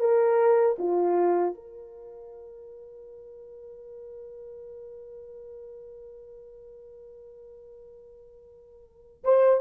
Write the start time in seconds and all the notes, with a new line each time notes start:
0.00 A#4
0.79 F4
1.55 A#4
9.24 C5